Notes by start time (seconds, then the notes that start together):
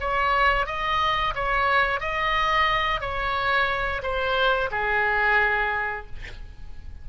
0.00 C#5
0.66 D#5
1.35 C#5
2.00 D#5
3.01 C#5
4.03 C5
4.71 G#4